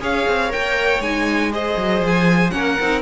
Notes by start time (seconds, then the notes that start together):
0.00 C#4 G#4 C#5 F5
0.27 C4
0.49 A#4 G5
0.55 A#3
1.00 G#3 D#4 G#5
1.52 G#4 C5 D#5
1.77 F#3
2.01 F3
2.07 G#5
2.51 A#3 C#4 A#4 F#5
2.80 C4 D#4